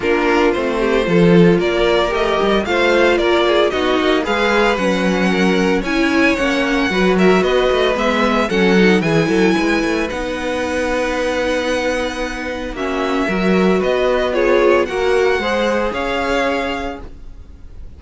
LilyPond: <<
  \new Staff \with { instrumentName = "violin" } { \time 4/4 \tempo 4 = 113 ais'4 c''2 d''4 | dis''4 f''4 d''4 dis''4 | f''4 fis''2 gis''4 | fis''4. e''8 dis''4 e''4 |
fis''4 gis''2 fis''4~ | fis''1 | e''2 dis''4 cis''4 | fis''2 f''2 | }
  \new Staff \with { instrumentName = "violin" } { \time 4/4 f'4. g'8 a'4 ais'4~ | ais'4 c''4 ais'8 gis'8 fis'4 | b'2 ais'4 cis''4~ | cis''4 b'8 ais'8 b'2 |
a'4 gis'8 a'8 b'2~ | b'1 | fis'4 ais'4 b'4 gis'4 | ais'4 c''4 cis''2 | }
  \new Staff \with { instrumentName = "viola" } { \time 4/4 d'4 c'4 f'2 | g'4 f'2 dis'4 | gis'4 cis'2 e'4 | cis'4 fis'2 b4 |
cis'8 dis'8 e'2 dis'4~ | dis'1 | cis'4 fis'2 f'4 | fis'4 gis'2. | }
  \new Staff \with { instrumentName = "cello" } { \time 4/4 ais4 a4 f4 ais4 | a8 g8 a4 ais4 b8 ais8 | gis4 fis2 cis'4 | ais4 fis4 b8 a8 gis4 |
fis4 e8 fis8 gis8 a8 b4~ | b1 | ais4 fis4 b2 | ais4 gis4 cis'2 | }
>>